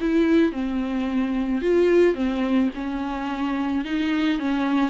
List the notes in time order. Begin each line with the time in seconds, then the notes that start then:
0.00 E4
0.52 C4
1.61 F4
2.14 C4
2.74 C#4
3.85 D#4
4.39 C#4